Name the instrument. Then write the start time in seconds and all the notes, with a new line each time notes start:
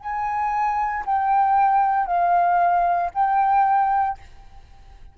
flute
0.00 G#5
1.06 G5
2.06 F5
3.14 G5